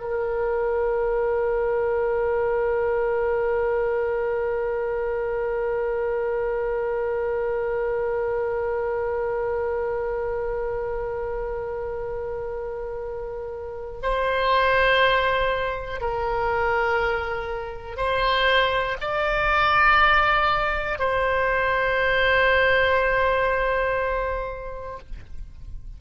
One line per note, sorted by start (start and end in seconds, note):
0.00 14.00 A#4
14.02 16.00 C5
16.00 17.96 A#4
17.96 18.96 C5
19.00 20.99 D5
20.99 24.99 C5